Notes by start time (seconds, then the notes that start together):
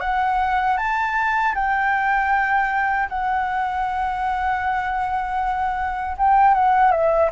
0.00 F#5
0.77 A5
1.55 G5
3.09 F#5
6.17 G5
6.54 F#5
6.91 E5